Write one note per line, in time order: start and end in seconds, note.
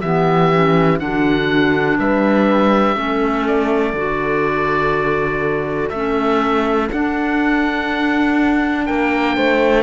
0.00 1.01 E3
0.00 0.53 B3
0.00 0.99 G4
0.00 0.98 E5
0.53 0.98 C#4
0.98 1.98 D3
0.98 2.95 D4
0.98 1.98 F#4
0.98 1.97 F#5
1.98 2.96 G3
1.98 2.95 B4
1.98 3.46 E5
2.95 3.93 A3
2.95 3.93 C#4
2.95 8.85 A4
3.47 5.89 D5
3.93 5.90 D3
3.93 5.93 F#4
5.89 6.89 A3
5.89 6.91 C#4
5.89 6.87 E5
6.91 9.83 D4
6.91 8.88 D4
6.91 8.85 F#5
8.85 9.37 A#3
8.85 9.35 A#4
8.85 9.83 G5
9.35 9.83 A3
9.35 9.83 C5